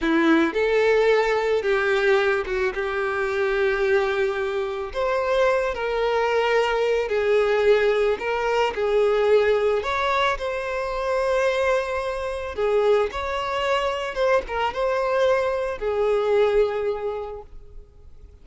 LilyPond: \new Staff \with { instrumentName = "violin" } { \time 4/4 \tempo 4 = 110 e'4 a'2 g'4~ | g'8 fis'8 g'2.~ | g'4 c''4. ais'4.~ | ais'4 gis'2 ais'4 |
gis'2 cis''4 c''4~ | c''2. gis'4 | cis''2 c''8 ais'8 c''4~ | c''4 gis'2. | }